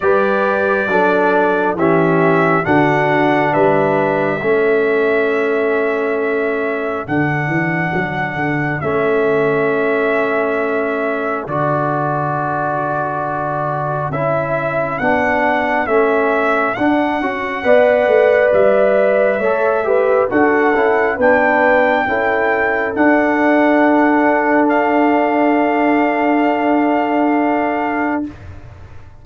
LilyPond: <<
  \new Staff \with { instrumentName = "trumpet" } { \time 4/4 \tempo 4 = 68 d''2 e''4 fis''4 | e''1 | fis''2 e''2~ | e''4 d''2. |
e''4 fis''4 e''4 fis''4~ | fis''4 e''2 fis''4 | g''2 fis''2 | f''1 | }
  \new Staff \with { instrumentName = "horn" } { \time 4/4 b'4 a'4 g'4 fis'4 | b'4 a'2.~ | a'1~ | a'1~ |
a'1 | d''2 cis''8 b'8 a'4 | b'4 a'2.~ | a'1 | }
  \new Staff \with { instrumentName = "trombone" } { \time 4/4 g'4 d'4 cis'4 d'4~ | d'4 cis'2. | d'2 cis'2~ | cis'4 fis'2. |
e'4 d'4 cis'4 d'8 fis'8 | b'2 a'8 g'8 fis'8 e'8 | d'4 e'4 d'2~ | d'1 | }
  \new Staff \with { instrumentName = "tuba" } { \time 4/4 g4 fis4 e4 d4 | g4 a2. | d8 e8 fis8 d8 a2~ | a4 d2. |
cis'4 b4 a4 d'8 cis'8 | b8 a8 g4 a4 d'8 cis'8 | b4 cis'4 d'2~ | d'1 | }
>>